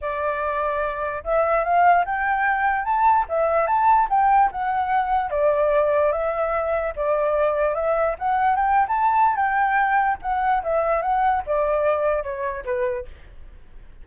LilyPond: \new Staff \with { instrumentName = "flute" } { \time 4/4 \tempo 4 = 147 d''2. e''4 | f''4 g''2 a''4 | e''4 a''4 g''4 fis''4~ | fis''4 d''2 e''4~ |
e''4 d''2 e''4 | fis''4 g''8. a''4~ a''16 g''4~ | g''4 fis''4 e''4 fis''4 | d''2 cis''4 b'4 | }